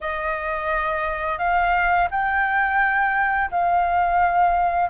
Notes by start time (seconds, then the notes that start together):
0.01 D#5
1.38 F5
2.11 G5
3.50 F5